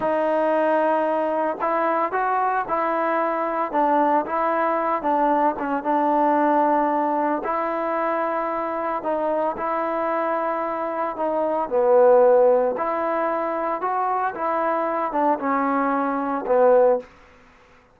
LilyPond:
\new Staff \with { instrumentName = "trombone" } { \time 4/4 \tempo 4 = 113 dis'2. e'4 | fis'4 e'2 d'4 | e'4. d'4 cis'8 d'4~ | d'2 e'2~ |
e'4 dis'4 e'2~ | e'4 dis'4 b2 | e'2 fis'4 e'4~ | e'8 d'8 cis'2 b4 | }